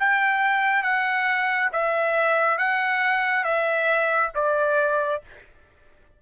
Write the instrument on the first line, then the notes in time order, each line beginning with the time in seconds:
trumpet
0.00 G5
0.83 F#5
1.73 E5
2.58 F#5
3.44 E5
4.35 D5